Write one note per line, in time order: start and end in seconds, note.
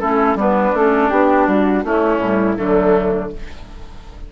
0.00 0.35 A3
0.00 0.37 C#4
0.00 0.37 E4
0.00 0.37 A4
0.35 0.71 G3
0.35 0.73 B3
0.35 1.84 D4
0.35 0.76 B4
0.73 1.10 A3
0.73 1.11 C#4
0.73 1.09 A4
1.09 1.47 B3
1.09 1.84 D4
1.09 1.46 G4
1.46 1.83 G3
1.46 1.83 F#4
1.83 2.18 A3
1.83 2.21 A3
1.83 2.56 C#4
1.83 2.59 E4
2.18 2.54 A2
2.18 2.57 G3
2.56 3.31 D3
2.56 3.31 F#3
2.56 3.29 A3
2.56 3.32 D4